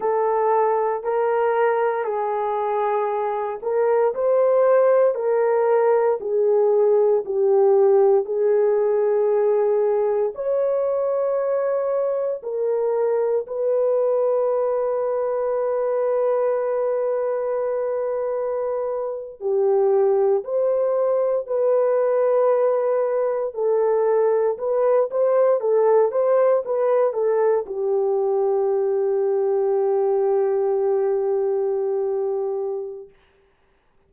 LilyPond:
\new Staff \with { instrumentName = "horn" } { \time 4/4 \tempo 4 = 58 a'4 ais'4 gis'4. ais'8 | c''4 ais'4 gis'4 g'4 | gis'2 cis''2 | ais'4 b'2.~ |
b'2~ b'8. g'4 c''16~ | c''8. b'2 a'4 b'16~ | b'16 c''8 a'8 c''8 b'8 a'8 g'4~ g'16~ | g'1 | }